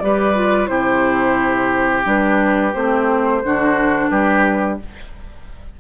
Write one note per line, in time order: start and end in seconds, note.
0.00 0.69 G3
0.00 0.35 G4
0.00 0.70 B4
0.00 0.68 D5
0.35 0.68 F4
0.68 2.06 C3
0.68 2.04 E4
0.68 3.43 G4
0.68 2.04 C5
2.04 2.74 G3
2.04 2.72 D4
2.04 2.74 B4
2.74 3.44 A3
2.74 3.43 C4
2.74 4.10 C5
3.44 4.11 D3
3.44 4.80 D4
3.44 4.11 F#4
4.10 4.79 G3
4.10 4.79 G4
4.10 4.78 B4